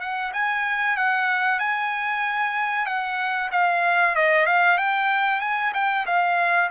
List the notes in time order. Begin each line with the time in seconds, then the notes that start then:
0.00 F#5
0.33 G#5
0.96 F#5
1.59 G#5
2.86 F#5
3.51 F5
4.15 D#5
4.46 F5
4.78 G5
5.41 G#5
5.74 G5
6.06 F5